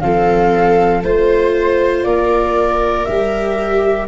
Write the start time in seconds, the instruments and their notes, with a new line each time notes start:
0.00 tuba F3, viola C4 A4, flute F5
1.03 tuba A3, viola F4 C5, flute C5
2.03 tuba A#3, viola A#4, flute D5
3.04 tuba G3, viola G4, flute E5